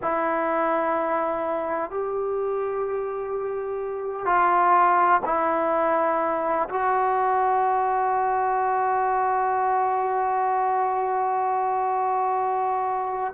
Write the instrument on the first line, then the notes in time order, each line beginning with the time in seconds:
trombone
0.02 E4
1.90 G4
4.25 F4
5.25 E4
6.69 F#4